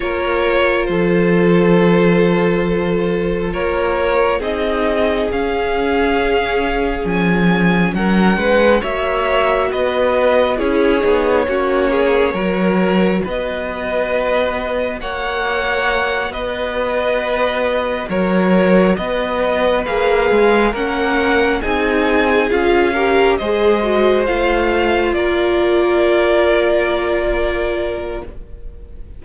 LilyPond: <<
  \new Staff \with { instrumentName = "violin" } { \time 4/4 \tempo 4 = 68 cis''4 c''2. | cis''4 dis''4 f''2 | gis''4 fis''4 e''4 dis''4 | cis''2. dis''4~ |
dis''4 fis''4. dis''4.~ | dis''8 cis''4 dis''4 f''4 fis''8~ | fis''8 gis''4 f''4 dis''4 f''8~ | f''8 d''2.~ d''8 | }
  \new Staff \with { instrumentName = "violin" } { \time 4/4 ais'4 a'2. | ais'4 gis'2.~ | gis'4 ais'8 b'8 cis''4 b'4 | gis'4 fis'8 gis'8 ais'4 b'4~ |
b'4 cis''4. b'4.~ | b'8 ais'4 b'2 ais'8~ | ais'8 gis'4. ais'8 c''4.~ | c''8 ais'2.~ ais'8 | }
  \new Staff \with { instrumentName = "viola" } { \time 4/4 f'1~ | f'4 dis'4 cis'2~ | cis'2 fis'2 | e'8 dis'8 cis'4 fis'2~ |
fis'1~ | fis'2~ fis'8 gis'4 cis'8~ | cis'8 dis'4 f'8 g'8 gis'8 fis'8 f'8~ | f'1 | }
  \new Staff \with { instrumentName = "cello" } { \time 4/4 ais4 f2. | ais4 c'4 cis'2 | f4 fis8 gis8 ais4 b4 | cis'8 b8 ais4 fis4 b4~ |
b4 ais4. b4.~ | b8 fis4 b4 ais8 gis8 ais8~ | ais8 c'4 cis'4 gis4 a8~ | a8 ais2.~ ais8 | }
>>